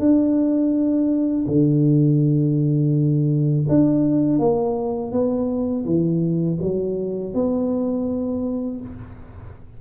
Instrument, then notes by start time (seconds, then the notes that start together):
tuba
0.00 D4
1.47 D3
3.69 D4
4.39 A#3
5.12 B3
5.86 E3
6.63 F#3
7.35 B3